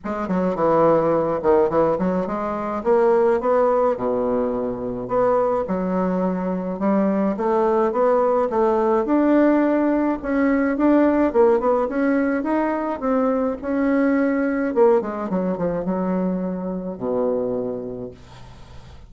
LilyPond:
\new Staff \with { instrumentName = "bassoon" } { \time 4/4 \tempo 4 = 106 gis8 fis8 e4. dis8 e8 fis8 | gis4 ais4 b4 b,4~ | b,4 b4 fis2 | g4 a4 b4 a4 |
d'2 cis'4 d'4 | ais8 b8 cis'4 dis'4 c'4 | cis'2 ais8 gis8 fis8 f8 | fis2 b,2 | }